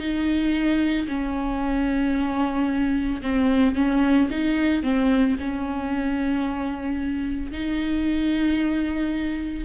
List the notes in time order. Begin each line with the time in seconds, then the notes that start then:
0.00 D#4
1.08 C#4
3.22 C4
3.75 C#4
4.31 D#4
4.83 C4
5.40 C#4
7.51 D#4